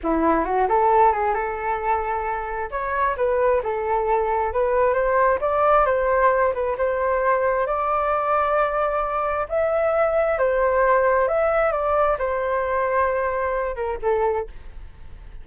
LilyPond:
\new Staff \with { instrumentName = "flute" } { \time 4/4 \tempo 4 = 133 e'4 fis'8 a'4 gis'8 a'4~ | a'2 cis''4 b'4 | a'2 b'4 c''4 | d''4 c''4. b'8 c''4~ |
c''4 d''2.~ | d''4 e''2 c''4~ | c''4 e''4 d''4 c''4~ | c''2~ c''8 ais'8 a'4 | }